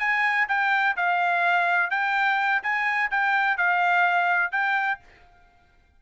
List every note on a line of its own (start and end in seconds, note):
0.00 0.48 G#5
0.48 0.96 G5
0.97 1.91 F5
1.91 2.62 G5
2.63 3.11 G#5
3.11 3.58 G5
3.58 4.52 F5
4.52 5.00 G5